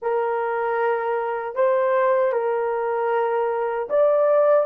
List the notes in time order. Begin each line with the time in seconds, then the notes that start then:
0.02 A#4
1.55 C5
2.32 A#4
3.89 D5